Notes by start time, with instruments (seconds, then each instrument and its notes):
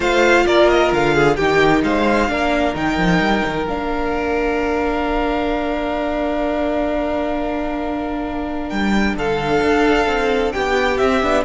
0.00 cello A3, viola F4, violin C5 F5
0.46 cello A#3, violin A#4 D5
0.68 violin D#5
0.92 cello D3, violin F5
1.14 violin G#4
1.36 cello D#3, viola D#4, violin G4 G5
1.83 cello G#3, violin C5 F5
2.28 cello A#3, viola D4, violin A#4
2.74 cello D#3, viola D#4, violin G5
2.97 cello F3
3.19 cello G3
3.46 cello D#3
3.67 cello A#3, viola D4, violin F5
8.69 cello G3, violin G5
9.14 cello D3, violin A4 F5
9.61 cello D4
10.07 cello C4
10.52 cello B3, violin G4 G5
10.97 viola C4, cello C4, violin E5
11.22 cello B3, viola D4